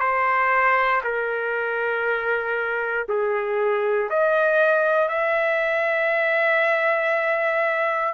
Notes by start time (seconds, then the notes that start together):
0.00 C5
1.04 A#4
3.09 G#4
4.10 D#5
5.09 E5